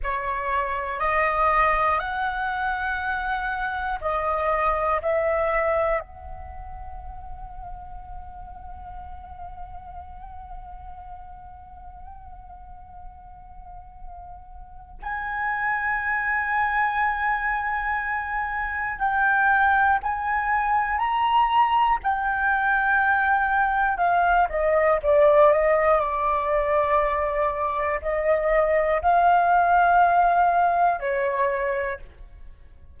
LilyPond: \new Staff \with { instrumentName = "flute" } { \time 4/4 \tempo 4 = 60 cis''4 dis''4 fis''2 | dis''4 e''4 fis''2~ | fis''1~ | fis''2. gis''4~ |
gis''2. g''4 | gis''4 ais''4 g''2 | f''8 dis''8 d''8 dis''8 d''2 | dis''4 f''2 cis''4 | }